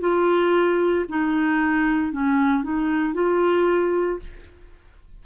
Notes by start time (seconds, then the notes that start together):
0.00 F4
1.08 D#4
2.12 C#4
2.63 D#4
3.13 F4